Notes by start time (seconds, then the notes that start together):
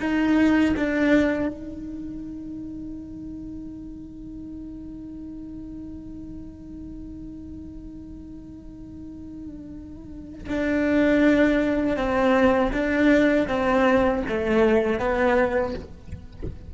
0.00 D#4
0.76 D4
1.48 D#4
10.49 D4
11.97 C4
12.72 D4
13.48 C4
14.28 A3
14.99 B3